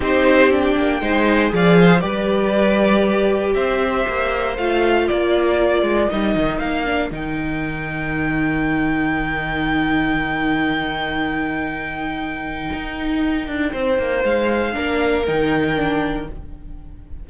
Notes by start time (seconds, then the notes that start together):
0.00 C4 D#4 G4 C5
0.50 D4 G5
0.77 A#3
1.01 G#3 D#4 C5
1.49 F3 G#4 D5
1.55 F5
1.79 C5
2.00 G3 G4 B4 D5
3.54 C4 C5 E5
4.07 A#3
4.57 A3 F4 F5
5.07 A#3 A#4 D5
5.82 G#3
6.09 G3 D#4 D#5
6.35 D#3
6.58 A#3 F5
6.85 D4
7.11 D#3 D#4 G5
12.73 D#4
13.47 D4
13.72 C4 C5
13.98 A#3
14.24 G#3 F5
14.72 A#3 D4 A#4
15.26 D#3 D#4 G5
15.75 D4